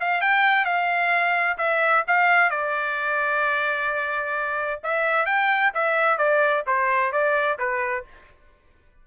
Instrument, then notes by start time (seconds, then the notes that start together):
trumpet
0.00 F5
0.21 G5
0.65 F5
1.58 E5
2.07 F5
2.50 D5
4.83 E5
5.26 G5
5.74 E5
6.17 D5
6.66 C5
7.12 D5
7.58 B4